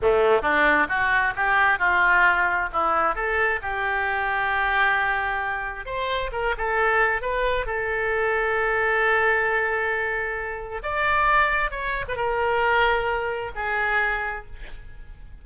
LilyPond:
\new Staff \with { instrumentName = "oboe" } { \time 4/4 \tempo 4 = 133 a4 d'4 fis'4 g'4 | f'2 e'4 a'4 | g'1~ | g'4 c''4 ais'8 a'4. |
b'4 a'2.~ | a'1 | d''2 cis''8. b'16 ais'4~ | ais'2 gis'2 | }